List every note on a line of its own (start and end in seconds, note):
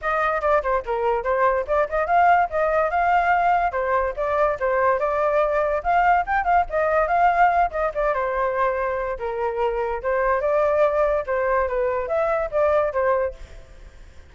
0.01 0.41 D#5
0.41 0.62 D5
0.62 0.83 C5
0.85 1.23 A#4
1.23 1.65 C5
1.67 1.87 D5
1.89 2.07 D#5
2.07 2.48 F5
2.49 2.90 D#5
2.90 3.72 F5
3.72 4.13 C5
4.16 4.58 D5
4.59 4.99 C5
4.99 5.82 D5
5.83 6.25 F5
6.26 6.44 G5
6.44 6.65 F5
6.69 7.07 D#5
7.07 7.70 F5
7.71 7.91 D#5
7.94 8.14 D5
8.14 9.18 C5
9.18 10.02 A#4
10.02 10.41 C5
10.41 11.24 D5
11.26 11.67 C5
11.67 12.08 B4
12.08 12.49 E5
12.51 12.93 D5
12.93 13.34 C5